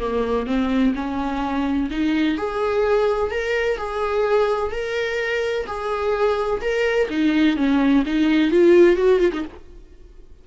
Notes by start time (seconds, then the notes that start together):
0.00 A#3
0.47 C4
0.95 C#4
1.91 D#4
2.38 G#4
3.31 A#4
3.78 G#4
4.72 A#4
5.67 G#4
6.62 A#4
7.10 D#4
7.57 C#4
8.06 D#4
8.51 F4
8.97 F#4
9.20 F4
9.33 D#4